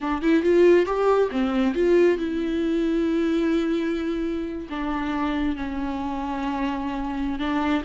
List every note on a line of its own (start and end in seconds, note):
0.00 0.22 D4
0.22 0.42 E4
0.42 0.86 F4
0.86 1.29 G4
1.31 1.74 C4
1.74 2.17 F4
2.18 4.68 E4
4.69 5.56 D4
5.56 7.39 C#4
7.39 7.82 D4